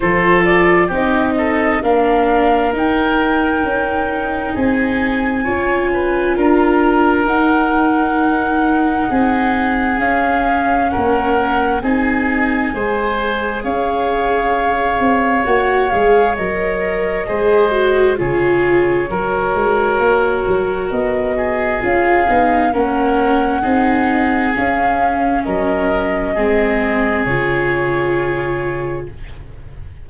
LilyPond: <<
  \new Staff \with { instrumentName = "flute" } { \time 4/4 \tempo 4 = 66 c''8 d''8 dis''4 f''4 g''4~ | g''4 gis''2 ais''4 | fis''2. f''4 | fis''4 gis''2 f''4~ |
f''4 fis''8 f''8 dis''2 | cis''2. dis''4 | f''4 fis''2 f''4 | dis''2 cis''2 | }
  \new Staff \with { instrumentName = "oboe" } { \time 4/4 a'4 g'8 a'8 ais'2~ | ais'4 gis'4 cis''8 b'8 ais'4~ | ais'2 gis'2 | ais'4 gis'4 c''4 cis''4~ |
cis''2. c''4 | gis'4 ais'2~ ais'8 gis'8~ | gis'4 ais'4 gis'2 | ais'4 gis'2. | }
  \new Staff \with { instrumentName = "viola" } { \time 4/4 f'4 dis'4 d'4 dis'4~ | dis'2 f'2 | dis'2. cis'4~ | cis'4 dis'4 gis'2~ |
gis'4 fis'8 gis'8 ais'4 gis'8 fis'8 | f'4 fis'2. | f'8 dis'8 cis'4 dis'4 cis'4~ | cis'4 c'4 f'2 | }
  \new Staff \with { instrumentName = "tuba" } { \time 4/4 f4 c'4 ais4 dis'4 | cis'4 c'4 cis'4 d'4 | dis'2 c'4 cis'4 | ais4 c'4 gis4 cis'4~ |
cis'8 c'8 ais8 gis8 fis4 gis4 | cis4 fis8 gis8 ais8 fis8 b4 | cis'8 b8 ais4 c'4 cis'4 | fis4 gis4 cis2 | }
>>